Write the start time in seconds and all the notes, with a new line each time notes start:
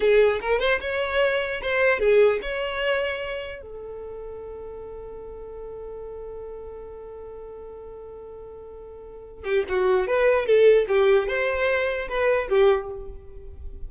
0.00 G#4
0.41 A#4
0.59 C5
0.80 C#5
1.61 C5
1.99 G#4
2.41 C#5
3.61 A4
9.44 G4
9.68 F#4
10.07 B4
10.46 A4
10.87 G4
11.27 C5
12.08 B4
12.49 G4